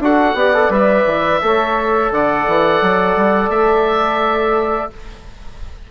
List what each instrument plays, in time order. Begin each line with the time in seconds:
0.00 bassoon D4, trombone F#4, saxophone A4, oboe F#5
0.34 bassoon B3, trombone G4, saxophone D5
0.55 trombone A4
0.70 bassoon G3, trombone B4, oboe E5
1.06 bassoon E3
1.42 bassoon A3, trombone A4, saxophone C#5
2.12 bassoon D3, saxophone D5, oboe F#5
2.48 bassoon E3
2.82 bassoon F#3
3.17 bassoon G3
3.50 bassoon A3, oboe E5